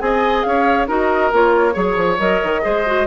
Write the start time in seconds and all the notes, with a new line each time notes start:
0.00 C4 G#4 D#5 G#5
0.43 C#4 C#5 F5
0.88 D#4 F#4 A#4 D#5
1.33 A#3 F4 C#5
1.73 F#3 G#4 C#5
1.97 F3
2.19 F#3 A#4 D#5
2.44 D#3
2.62 G#3 G#4 C5
2.86 F#4